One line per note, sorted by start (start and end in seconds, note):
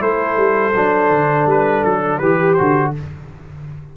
0.00 0.37 A3
0.00 0.73 E4
0.00 2.19 A4
0.00 1.49 C5
0.37 0.74 G3
0.75 1.10 F#3
0.75 2.22 D4
1.10 1.46 D3
1.46 1.83 G3
1.46 1.84 B4
1.84 2.21 F#3
1.84 2.19 A4
2.19 2.58 E3
2.19 2.92 G4
2.19 2.58 G4
2.19 2.54 B4
2.54 2.95 F#4
2.54 2.91 C5
2.60 2.97 D3